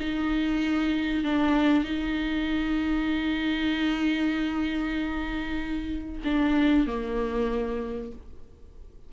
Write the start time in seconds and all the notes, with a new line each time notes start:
0.00 D#4
1.24 D4
1.84 D#4
6.24 D4
6.87 A#3